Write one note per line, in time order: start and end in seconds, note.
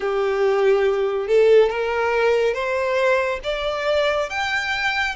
0.00 1.27 G4
1.27 1.69 A4
1.69 2.54 A#4
2.54 3.39 C5
3.43 4.29 D5
4.29 5.15 G5